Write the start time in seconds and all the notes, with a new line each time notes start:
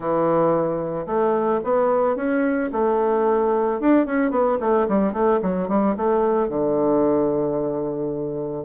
0.00 E3
1.06 A3
1.63 B3
2.15 C#4
2.72 A3
3.80 D4
4.06 C#4
4.30 B3
4.60 A3
4.88 G3
5.12 A3
5.42 F#3
5.68 G3
5.96 A3
6.48 D3